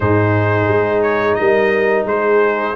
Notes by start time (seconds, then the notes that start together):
0.00 G#2 D#4 G#4 C5
0.68 G#3
1.02 C#5
1.34 G3 A#4 D#5
2.04 G#3 G#4 C5